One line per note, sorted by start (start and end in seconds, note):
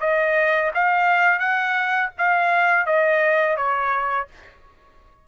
0.00 0.71 D#5
0.74 1.39 F5
1.39 2.10 F#5
2.18 2.86 F5
2.86 3.56 D#5
3.56 4.27 C#5